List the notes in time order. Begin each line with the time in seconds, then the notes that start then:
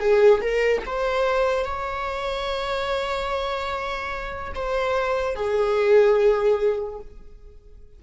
0.00 G#4
0.41 A#4
0.87 C5
1.65 C#5
4.55 C5
5.35 G#4